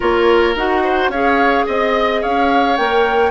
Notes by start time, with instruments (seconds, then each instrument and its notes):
0.00 bassoon A#3, clarinet F4, oboe A#4, flute C#5
0.55 bassoon D#4, clarinet F#4, flute F#5
0.83 oboe C5
1.08 bassoon C#4, clarinet G#4, oboe C#5, flute F5
1.66 bassoon C4, oboe D#5, flute D#5
2.21 bassoon C#4, oboe C#5, flute F5
2.77 bassoon A#3, clarinet A#4, flute G5